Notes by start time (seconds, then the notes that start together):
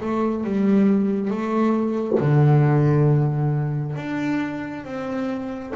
0.00 A3
0.43 G3
1.30 A3
2.19 D3
3.96 D4
4.84 C4